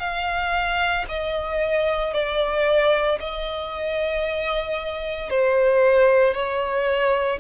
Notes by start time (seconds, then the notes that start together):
0.00 F5
1.09 D#5
2.13 D5
3.20 D#5
5.30 C5
6.34 C#5